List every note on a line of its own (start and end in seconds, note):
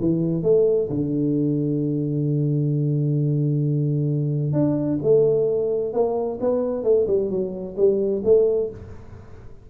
0.00 0.43 E3
0.43 0.88 A3
0.89 4.53 D3
4.53 4.98 D4
5.02 5.93 A3
5.93 6.39 A#3
6.40 6.83 B3
6.83 7.06 A3
7.07 7.30 G3
7.30 7.76 F#3
7.76 8.22 G3
8.24 8.70 A3